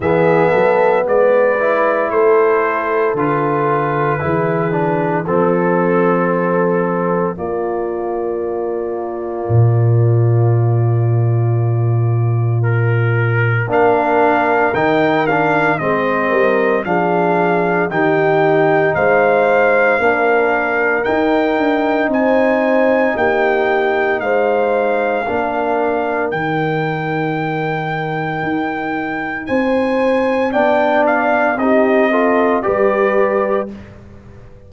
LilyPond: <<
  \new Staff \with { instrumentName = "trumpet" } { \time 4/4 \tempo 4 = 57 e''4 d''4 c''4 b'4~ | b'4 a'2 d''4~ | d''1 | ais'4 f''4 g''8 f''8 dis''4 |
f''4 g''4 f''2 | g''4 gis''4 g''4 f''4~ | f''4 g''2. | gis''4 g''8 f''8 dis''4 d''4 | }
  \new Staff \with { instrumentName = "horn" } { \time 4/4 gis'8 a'8 b'4 a'2 | gis'4 a'2 f'4~ | f'1~ | f'4 ais'2 c''8 ais'8 |
gis'4 g'4 c''4 ais'4~ | ais'4 c''4 g'4 c''4 | ais'1 | c''4 d''4 g'8 a'8 b'4 | }
  \new Staff \with { instrumentName = "trombone" } { \time 4/4 b4. e'4. f'4 | e'8 d'8 c'2 ais4~ | ais1~ | ais4 d'4 dis'8 d'8 c'4 |
d'4 dis'2 d'4 | dis'1 | d'4 dis'2.~ | dis'4 d'4 dis'8 f'8 g'4 | }
  \new Staff \with { instrumentName = "tuba" } { \time 4/4 e8 fis8 gis4 a4 d4 | e4 f2 ais4~ | ais4 ais,2.~ | ais,4 ais4 dis4 gis8 g8 |
f4 dis4 gis4 ais4 | dis'8 d'8 c'4 ais4 gis4 | ais4 dis2 dis'4 | c'4 b4 c'4 g4 | }
>>